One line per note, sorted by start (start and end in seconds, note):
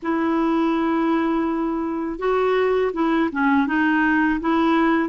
0.02 2.18 E4
2.18 2.91 F#4
2.93 3.30 E4
3.31 3.67 C#4
3.67 4.40 D#4
4.40 5.09 E4